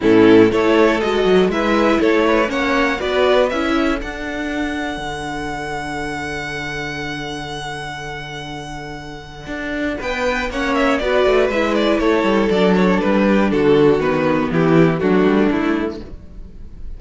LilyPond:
<<
  \new Staff \with { instrumentName = "violin" } { \time 4/4 \tempo 4 = 120 a'4 cis''4 dis''4 e''4 | cis''4 fis''4 d''4 e''4 | fis''1~ | fis''1~ |
fis''1 | g''4 fis''8 e''8 d''4 e''8 d''8 | cis''4 d''8 cis''8 b'4 a'4 | b'4 g'4 fis'4 e'4 | }
  \new Staff \with { instrumentName = "violin" } { \time 4/4 e'4 a'2 b'4 | a'8 b'8 cis''4 b'4. a'8~ | a'1~ | a'1~ |
a'1 | b'4 cis''4 b'2 | a'2~ a'8 g'8 fis'4~ | fis'4 e'4 d'2 | }
  \new Staff \with { instrumentName = "viola" } { \time 4/4 cis'4 e'4 fis'4 e'4~ | e'4 cis'4 fis'4 e'4 | d'1~ | d'1~ |
d'1~ | d'4 cis'4 fis'4 e'4~ | e'4 d'2. | b2 a2 | }
  \new Staff \with { instrumentName = "cello" } { \time 4/4 a,4 a4 gis8 fis8 gis4 | a4 ais4 b4 cis'4 | d'2 d2~ | d1~ |
d2. d'4 | b4 ais4 b8 a8 gis4 | a8 g8 fis4 g4 d4 | dis4 e4 fis8 g8 a4 | }
>>